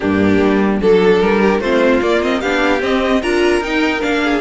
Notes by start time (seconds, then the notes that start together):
0.00 G2 A#3 D4 G4
0.40 G3
0.81 F#3 D4 A4
1.20 G3 A#4
1.41 G4
1.59 A3 C4 F4 C5
2.02 A#3 D5
2.21 C4 D#5
2.40 B3 D4 G4 F5
2.79 C4 D#5
3.22 D4 F4 A#4 A#5
3.60 D#4 G5
4.01 A#3 D4 F5
4.23 G#4